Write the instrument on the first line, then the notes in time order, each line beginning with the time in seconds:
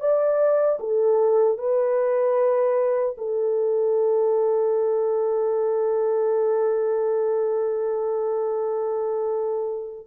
horn
0.00 D5
0.80 A4
1.58 B4
3.18 A4